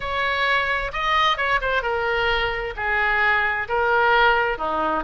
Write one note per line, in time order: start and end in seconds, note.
0.00 0.91 C#5
0.93 1.37 D#5
1.37 1.59 C#5
1.61 1.82 C5
1.82 2.74 A#4
2.76 3.68 G#4
3.68 4.58 A#4
4.58 5.03 D#4